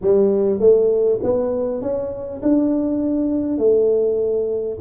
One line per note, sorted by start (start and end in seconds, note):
0.01 0.59 G3
0.59 1.19 A3
1.22 1.81 B3
1.81 2.41 C#4
2.42 3.58 D4
3.58 4.78 A3